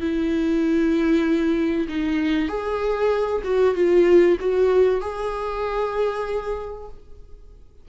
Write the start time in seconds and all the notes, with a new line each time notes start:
0.00 E4
1.88 D#4
2.48 G#4
3.44 F#4
3.75 F4
4.40 F#4
5.01 G#4